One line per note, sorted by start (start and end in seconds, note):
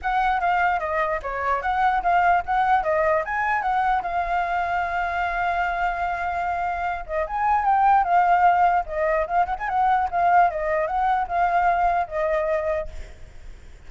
0.02 0.40 F#5
0.40 0.79 F5
0.79 1.20 D#5
1.22 1.62 C#5
1.62 2.02 F#5
2.02 2.43 F5
2.45 2.83 F#5
2.83 3.23 D#5
3.24 3.61 G#5
3.61 4.02 F#5
4.02 7.04 F5
7.06 7.26 D#5
7.26 7.65 G#5
7.65 8.04 G5
8.04 8.84 F5
8.86 9.26 D#5
9.26 9.45 F5
9.45 9.55 F#5
9.58 9.68 G#5
9.68 10.09 F#5
10.11 10.50 F5
10.50 10.87 D#5
10.87 11.27 F#5
11.27 12.07 F5
12.07 12.88 D#5